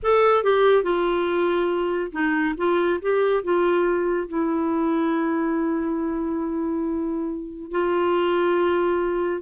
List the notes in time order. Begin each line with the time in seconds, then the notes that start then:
0.02 A4
0.43 G4
0.83 F4
2.12 D#4
2.57 F4
3.01 G4
3.43 F4
4.28 E4
7.71 F4